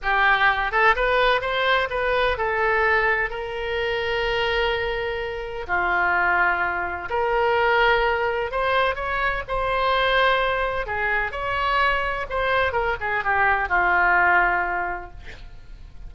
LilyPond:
\new Staff \with { instrumentName = "oboe" } { \time 4/4 \tempo 4 = 127 g'4. a'8 b'4 c''4 | b'4 a'2 ais'4~ | ais'1 | f'2. ais'4~ |
ais'2 c''4 cis''4 | c''2. gis'4 | cis''2 c''4 ais'8 gis'8 | g'4 f'2. | }